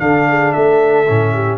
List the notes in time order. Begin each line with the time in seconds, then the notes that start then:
0.00 D3 D4 A4 F5
0.29 G#4
0.52 A3 A4 E5
1.08 A2 C#4
1.34 G4